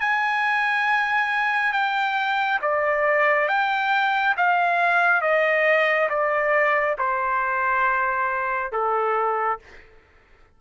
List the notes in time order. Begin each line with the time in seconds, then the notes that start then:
0.00 G#5
1.72 G5
2.62 D5
3.48 G5
4.37 F5
5.21 D#5
6.09 D5
6.98 C5
8.72 A4